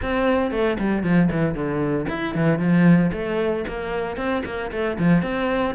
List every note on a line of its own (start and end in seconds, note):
0.02 0.51 C4
0.51 0.77 A3
0.78 1.03 G3
1.03 1.29 F3
1.31 1.54 E3
1.54 2.06 D3
2.09 2.34 E4
2.34 2.58 E3
2.58 3.11 F3
3.12 3.64 A3
3.67 4.16 A#3
4.16 4.43 C4
4.45 4.71 A#3
4.71 4.97 A3
4.98 5.22 F3
5.22 5.74 C4